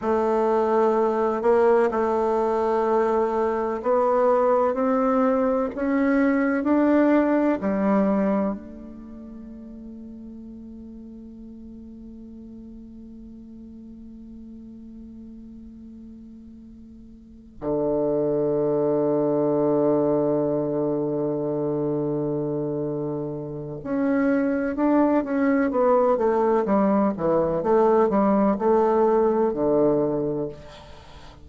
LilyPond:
\new Staff \with { instrumentName = "bassoon" } { \time 4/4 \tempo 4 = 63 a4. ais8 a2 | b4 c'4 cis'4 d'4 | g4 a2.~ | a1~ |
a2~ a8 d4.~ | d1~ | d4 cis'4 d'8 cis'8 b8 a8 | g8 e8 a8 g8 a4 d4 | }